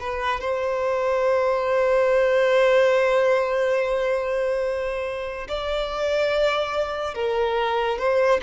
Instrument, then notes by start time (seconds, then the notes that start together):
violin
0.00 B4
0.40 C5
5.48 D5
7.14 A#4
7.98 C5